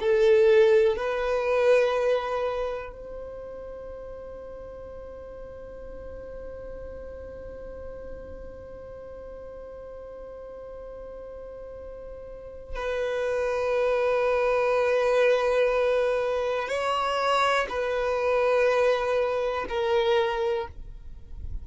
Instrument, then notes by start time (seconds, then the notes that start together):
violin
0.00 A4
0.97 B4
2.93 C5
12.76 B4
16.69 C#5
17.69 B4
19.69 A#4